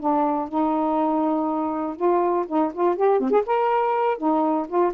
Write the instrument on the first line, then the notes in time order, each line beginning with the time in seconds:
saxophone
0.00 D4
0.49 D#4
1.96 F4
2.48 D#4
2.74 F4
2.96 G4
3.20 C4
3.31 G#4
3.46 A#4
4.18 D#4
4.68 F4